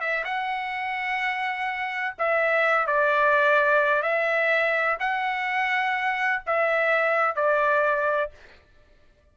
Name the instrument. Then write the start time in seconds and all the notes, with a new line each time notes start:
trumpet
0.00 E5
0.24 F#5
2.18 E5
2.87 D5
4.02 E5
4.99 F#5
6.46 E5
7.35 D5